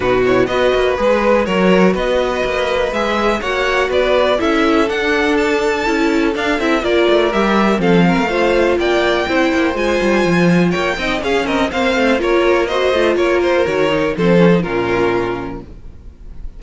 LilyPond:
<<
  \new Staff \with { instrumentName = "violin" } { \time 4/4 \tempo 4 = 123 b'8 cis''8 dis''4 b'4 cis''4 | dis''2 e''4 fis''4 | d''4 e''4 fis''4 a''4~ | a''4 f''8 e''8 d''4 e''4 |
f''2 g''2 | gis''2 g''4 f''8 dis''8 | f''4 cis''4 dis''4 cis''8 c''8 | cis''4 c''4 ais'2 | }
  \new Staff \with { instrumentName = "violin" } { \time 4/4 fis'4 b'2 ais'4 | b'2. cis''4 | b'4 a'2.~ | a'2 ais'2 |
a'8 ais'8 c''4 d''4 c''4~ | c''2 cis''8 dis''8 gis'8 ais'8 | c''4 ais'4 c''4 ais'4~ | ais'4 a'4 f'2 | }
  \new Staff \with { instrumentName = "viola" } { \time 4/4 dis'8 e'8 fis'4 gis'4 fis'4~ | fis'2 gis'4 fis'4~ | fis'4 e'4 d'2 | e'4 d'8 e'8 f'4 g'4 |
c'4 f'2 e'4 | f'2~ f'8 dis'8 cis'4 | c'4 f'4 fis'8 f'4. | fis'8 dis'8 c'8 cis'16 dis'16 cis'2 | }
  \new Staff \with { instrumentName = "cello" } { \time 4/4 b,4 b8 ais8 gis4 fis4 | b4 ais4 gis4 ais4 | b4 cis'4 d'2 | cis'4 d'8 c'8 ais8 a8 g4 |
f8. a4~ a16 ais4 c'8 ais8 | gis8 g8 f4 ais8 c'8 cis'8 c'8 | ais8 a8 ais4. a8 ais4 | dis4 f4 ais,2 | }
>>